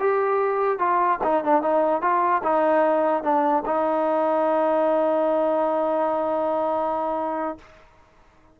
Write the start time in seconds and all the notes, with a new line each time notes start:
0.00 G4
0.79 F4
1.24 D#4
1.44 D4
1.62 D#4
2.02 F4
2.43 D#4
3.23 D4
3.66 D#4